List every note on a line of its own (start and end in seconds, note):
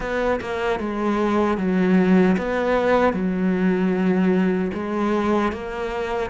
0.00 0.39 B3
0.40 0.79 A#3
0.79 1.57 G#3
1.57 2.36 F#3
2.37 3.13 B3
3.13 4.71 F#3
4.73 5.52 G#3
5.52 6.30 A#3